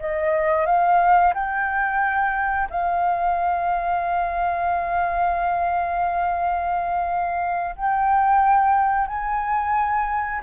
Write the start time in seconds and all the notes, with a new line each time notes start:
0.00 D#5
0.67 F5
1.35 G5
2.70 F5
7.77 G5
9.08 G#5